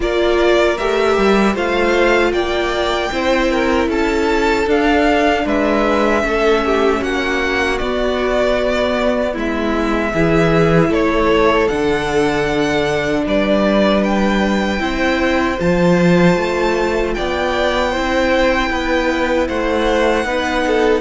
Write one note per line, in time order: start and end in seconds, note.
0.00 0.77 A#3
0.00 0.78 F4
0.00 1.53 A#4
0.00 0.77 D5
0.77 1.17 A3
0.77 1.55 G4
0.77 1.55 E5
1.17 1.55 G3
1.53 2.31 A3
1.53 3.10 F4
1.53 2.31 C5
1.53 2.32 F5
2.31 3.09 A#3
2.31 3.11 D5
2.31 3.88 G5
3.11 3.87 C4
3.11 4.67 E4
3.11 3.51 C5
3.51 3.88 A#4
3.87 4.65 C#4
3.87 5.44 A4
3.87 4.69 A5
4.66 5.44 D4
4.66 6.22 D4
4.66 5.47 F5
5.45 6.23 G#3
5.45 6.23 B4
5.45 7.03 E5
6.22 7.01 A3
6.22 7.77 C#4
6.22 6.65 A4
6.65 7.01 G4
7.01 7.80 A#3
7.01 9.32 F#4
7.01 7.78 F#5
7.78 10.14 B3
7.78 9.35 B3
7.78 9.33 D5
9.32 10.13 G#3
9.32 10.10 E4
9.39 10.93 E5
10.13 10.89 E3
10.13 11.69 E4
10.13 10.90 G#4
10.89 11.67 A3
10.89 13.24 A4
10.89 11.68 C#5
11.68 13.26 D3
11.68 14.79 D4
11.68 13.24 F#5
13.26 14.79 G3
13.26 14.81 B4
13.26 14.03 D5
14.03 15.59 G5
14.79 15.57 C4
14.79 15.57 E4
14.79 17.15 C5
15.59 16.37 F3
15.59 17.92 F4
15.59 17.14 A5
16.37 17.14 A3
17.14 17.97 B3
17.14 17.91 D5
17.14 19.47 G5
17.91 20.25 E4
17.91 18.69 C5
17.97 18.69 C4
18.69 19.47 B3
18.69 19.47 B4
19.47 20.24 A3
19.47 20.25 C5
19.47 21.01 F#5
20.24 21.01 B3
20.24 21.01 D#4
20.24 20.65 B4
20.67 21.01 A4